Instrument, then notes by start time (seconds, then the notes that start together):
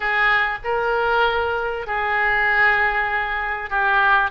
oboe
0.00 G#4
0.64 A#4
1.86 G#4
3.70 G4